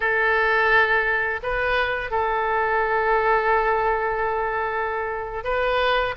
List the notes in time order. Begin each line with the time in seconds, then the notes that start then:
0.00 A4
1.42 B4
2.10 A4
5.44 B4